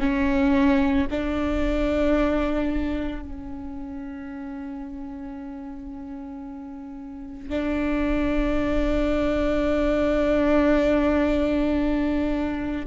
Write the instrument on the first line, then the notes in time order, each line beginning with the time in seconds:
viola
0.00 C#4
1.10 D4
3.22 C#4
7.50 D4